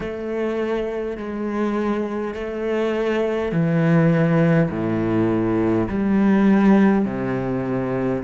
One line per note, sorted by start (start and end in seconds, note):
0.00 1.17 A3
1.17 2.34 G#3
2.34 3.51 A3
3.51 4.69 E3
4.70 5.88 A2
5.88 7.05 G3
7.05 8.22 C3